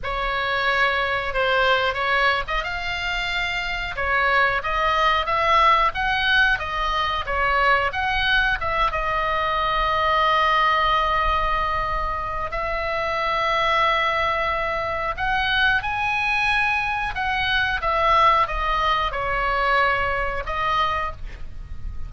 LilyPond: \new Staff \with { instrumentName = "oboe" } { \time 4/4 \tempo 4 = 91 cis''2 c''4 cis''8. dis''16 | f''2 cis''4 dis''4 | e''4 fis''4 dis''4 cis''4 | fis''4 e''8 dis''2~ dis''8~ |
dis''2. e''4~ | e''2. fis''4 | gis''2 fis''4 e''4 | dis''4 cis''2 dis''4 | }